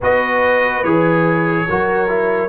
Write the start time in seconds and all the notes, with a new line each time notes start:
0.00 B3 F#4 B4 D#5
0.83 E3 G#4 C#5
1.69 F#3 F#4 A#4
2.08 E4